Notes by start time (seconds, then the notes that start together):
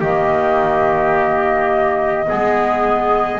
0.00 D#3 A#3 G4 D#5
2.26 G#3 B3 G#4